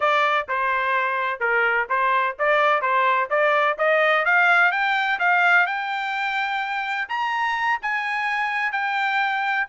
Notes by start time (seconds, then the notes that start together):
0.00 D5
0.48 C5
1.39 A#4
1.89 C5
2.38 D5
2.81 C5
3.29 D5
3.78 D#5
4.25 F5
4.71 G5
5.19 F5
5.66 G5
7.08 A#5
7.82 G#5
8.72 G5